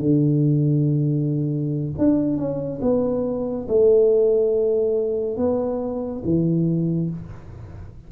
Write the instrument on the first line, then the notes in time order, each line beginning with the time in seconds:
tuba
0.00 D3
1.98 D4
2.38 C#4
2.82 B3
3.68 A3
5.37 B3
6.25 E3